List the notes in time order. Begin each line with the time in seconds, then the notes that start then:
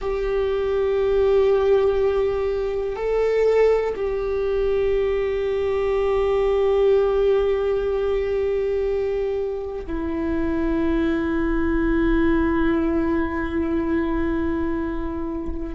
0.00 G4
2.96 A4
3.96 G4
9.86 E4